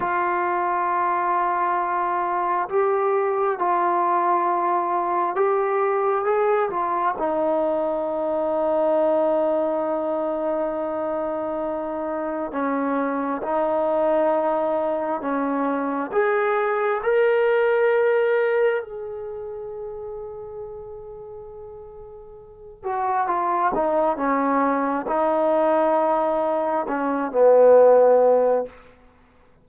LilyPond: \new Staff \with { instrumentName = "trombone" } { \time 4/4 \tempo 4 = 67 f'2. g'4 | f'2 g'4 gis'8 f'8 | dis'1~ | dis'2 cis'4 dis'4~ |
dis'4 cis'4 gis'4 ais'4~ | ais'4 gis'2.~ | gis'4. fis'8 f'8 dis'8 cis'4 | dis'2 cis'8 b4. | }